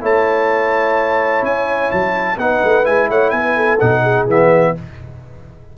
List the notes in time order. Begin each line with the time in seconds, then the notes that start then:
0.00 A3 E4 C#5 A5
1.42 C#4 G#5
1.91 F#3 A5
2.37 B3 D#4 B4 F#5
2.63 A3
2.83 G#3 E4 G#5
3.09 A3 C#5 F#5
3.30 B3 B4 G#5
3.56 A4
3.79 B2 D#4 F#5
4.02 G#4
4.27 E3 B3 E5